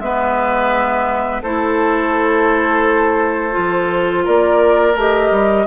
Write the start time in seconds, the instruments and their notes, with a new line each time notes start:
0.00 bassoon G#3, clarinet B3, oboe B4, flute E5
1.43 bassoon A3, clarinet E4, oboe A4, flute C5
3.52 bassoon F3, clarinet F4
4.25 bassoon A#3, oboe A#4, flute D5
4.95 bassoon A3, clarinet G4, flute D#5
5.31 bassoon G3